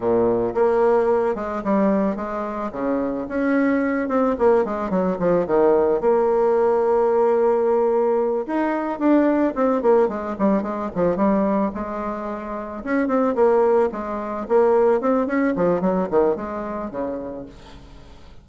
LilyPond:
\new Staff \with { instrumentName = "bassoon" } { \time 4/4 \tempo 4 = 110 ais,4 ais4. gis8 g4 | gis4 cis4 cis'4. c'8 | ais8 gis8 fis8 f8 dis4 ais4~ | ais2.~ ais8 dis'8~ |
dis'8 d'4 c'8 ais8 gis8 g8 gis8 | f8 g4 gis2 cis'8 | c'8 ais4 gis4 ais4 c'8 | cis'8 f8 fis8 dis8 gis4 cis4 | }